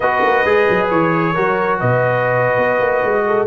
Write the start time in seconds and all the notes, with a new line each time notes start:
0.00 B3 F#4 B4 D#5
0.22 A#3
0.44 G#3 G#4
0.69 F#3
0.89 E3 C#5
1.33 F#3 F#4 A#4
1.79 B2 B4 D#5
2.57 B3
2.79 A#3
3.03 G#3
3.27 A4